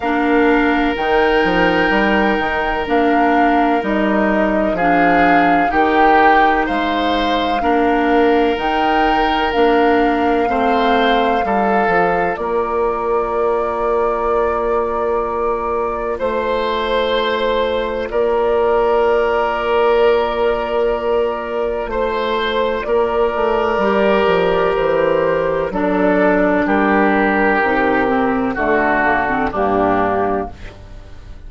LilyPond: <<
  \new Staff \with { instrumentName = "flute" } { \time 4/4 \tempo 4 = 63 f''4 g''2 f''4 | dis''4 f''4 g''4 f''4~ | f''4 g''4 f''2~ | f''4 d''2.~ |
d''4 c''2 d''4~ | d''2. c''4 | d''2 c''4 d''4 | ais'2 a'4 g'4 | }
  \new Staff \with { instrumentName = "oboe" } { \time 4/4 ais'1~ | ais'4 gis'4 g'4 c''4 | ais'2. c''4 | a'4 ais'2.~ |
ais'4 c''2 ais'4~ | ais'2. c''4 | ais'2. a'4 | g'2 fis'4 d'4 | }
  \new Staff \with { instrumentName = "clarinet" } { \time 4/4 d'4 dis'2 d'4 | dis'4 d'4 dis'2 | d'4 dis'4 d'4 c'4 | f'1~ |
f'1~ | f'1~ | f'4 g'2 d'4~ | d'4 dis'8 c'8 a8 ais16 c'16 ais4 | }
  \new Staff \with { instrumentName = "bassoon" } { \time 4/4 ais4 dis8 f8 g8 dis8 ais4 | g4 f4 dis4 gis4 | ais4 dis4 ais4 a4 | g8 f8 ais2.~ |
ais4 a2 ais4~ | ais2. a4 | ais8 a8 g8 f8 e4 fis4 | g4 c4 d4 g,4 | }
>>